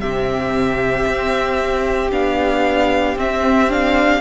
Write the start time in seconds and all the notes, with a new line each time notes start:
0.00 C3 C4 G4 E5
1.07 C4
2.11 B3 D4 F5
3.16 C4 E5
3.70 D4 F5